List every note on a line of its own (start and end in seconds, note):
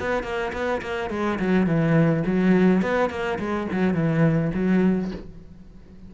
0.00 0.24 B3
0.24 0.52 A#3
0.53 0.82 B3
0.82 1.11 A#3
1.11 1.39 G#3
1.40 1.67 F#3
1.67 2.24 E3
2.26 2.83 F#3
2.83 3.10 B3
3.10 3.39 A#3
3.39 3.68 G#3
3.72 3.95 F#3
3.95 4.52 E3
4.55 5.12 F#3